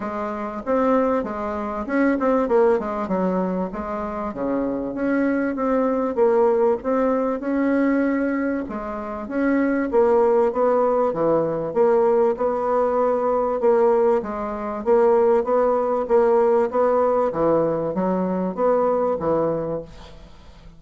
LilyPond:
\new Staff \with { instrumentName = "bassoon" } { \time 4/4 \tempo 4 = 97 gis4 c'4 gis4 cis'8 c'8 | ais8 gis8 fis4 gis4 cis4 | cis'4 c'4 ais4 c'4 | cis'2 gis4 cis'4 |
ais4 b4 e4 ais4 | b2 ais4 gis4 | ais4 b4 ais4 b4 | e4 fis4 b4 e4 | }